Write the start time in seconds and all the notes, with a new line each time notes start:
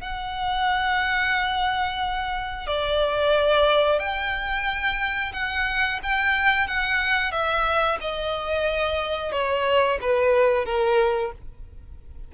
0.00 F#5
2.66 D5
3.98 G5
5.32 F#5
6.02 G5
6.67 F#5
7.31 E5
8.00 D#5
9.32 C#5
10.01 B4
10.65 A#4